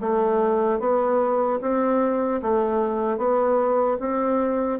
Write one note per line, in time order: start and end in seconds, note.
0.00 0.79 A3
0.79 1.59 B3
1.61 2.41 C4
2.41 3.17 A3
3.17 3.97 B3
3.99 4.79 C4